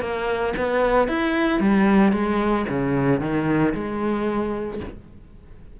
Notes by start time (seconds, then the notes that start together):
0.00 A#3
0.56 B3
1.07 E4
1.60 G3
2.12 G#3
2.68 C#3
3.20 D#3
3.74 G#3